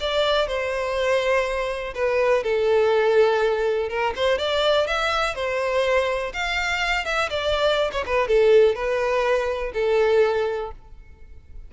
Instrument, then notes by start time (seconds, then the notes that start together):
violin
0.00 D5
0.47 C5
1.94 B4
2.43 A4
3.89 A#4
4.16 C5
4.38 D5
4.87 E5
5.35 C5
6.33 F5
7.05 E5
7.30 D5
7.92 C#5
8.06 B4
8.28 A4
8.75 B4
9.74 A4